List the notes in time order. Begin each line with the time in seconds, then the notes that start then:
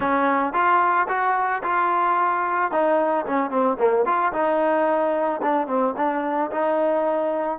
0.00 C#4
0.53 F4
1.08 F#4
1.63 F4
2.71 D#4
3.26 C#4
3.50 C4
3.79 A#3
4.05 F4
4.32 D#4
5.42 D4
5.67 C4
5.96 D4
6.51 D#4